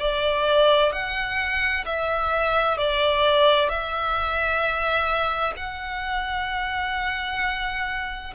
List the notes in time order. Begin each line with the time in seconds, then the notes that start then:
0.00 D5
0.92 F#5
1.85 E5
2.77 D5
3.68 E5
5.56 F#5